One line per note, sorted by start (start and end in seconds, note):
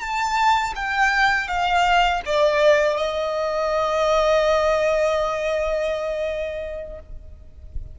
0.00 0.73 A5
0.75 1.47 G5
1.47 2.21 F5
2.25 2.96 D5
2.96 6.99 D#5